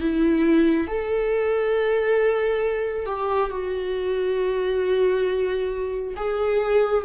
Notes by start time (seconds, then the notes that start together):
0.00 E4
0.87 A4
3.06 G4
3.50 F#4
6.16 G#4